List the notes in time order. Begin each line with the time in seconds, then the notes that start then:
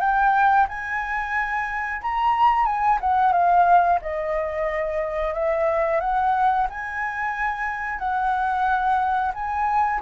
0.00 G5
0.68 G#5
2.02 A#5
2.66 G#5
3.01 F#5
3.33 F5
4.02 D#5
5.34 E5
6.01 F#5
6.70 G#5
7.99 F#5
9.34 G#5